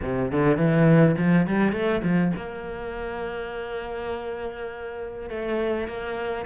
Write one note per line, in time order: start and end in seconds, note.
0.02 0.31 C3
0.31 0.56 D3
0.56 1.15 E3
1.17 1.46 F3
1.46 1.72 G3
1.72 2.01 A3
2.02 2.32 F3
2.36 5.29 A#3
5.29 5.87 A3
5.87 6.45 A#3